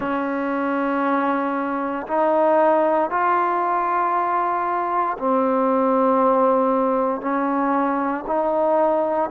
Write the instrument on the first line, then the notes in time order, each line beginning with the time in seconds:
trombone
0.00 C#4
2.07 D#4
3.10 F4
5.18 C4
7.21 C#4
8.26 D#4